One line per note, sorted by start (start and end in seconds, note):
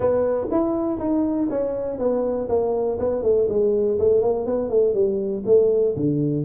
0.00 0.47 B3
0.50 0.99 E4
0.99 1.48 D#4
1.50 1.98 C#4
1.98 2.47 B3
2.48 2.98 A#3
2.99 3.22 B3
3.22 3.47 A3
3.48 3.98 G#3
3.99 4.21 A3
4.21 4.46 A#3
4.46 4.69 B3
4.69 4.94 A3
4.94 5.43 G3
5.45 5.95 A3
5.95 6.44 D3